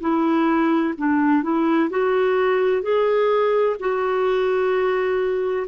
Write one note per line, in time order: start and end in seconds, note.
0.00 0.94 E4
0.98 1.43 D4
1.43 1.90 E4
1.90 2.83 F#4
2.83 3.76 G#4
3.79 5.67 F#4